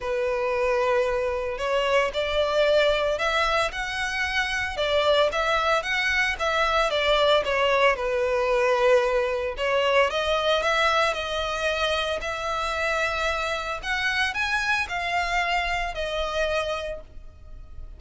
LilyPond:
\new Staff \with { instrumentName = "violin" } { \time 4/4 \tempo 4 = 113 b'2. cis''4 | d''2 e''4 fis''4~ | fis''4 d''4 e''4 fis''4 | e''4 d''4 cis''4 b'4~ |
b'2 cis''4 dis''4 | e''4 dis''2 e''4~ | e''2 fis''4 gis''4 | f''2 dis''2 | }